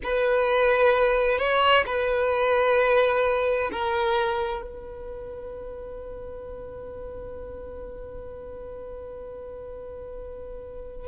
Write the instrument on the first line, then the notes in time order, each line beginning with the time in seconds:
violin
0.03 B4
1.38 C#5
1.85 B4
3.72 A#4
4.62 B4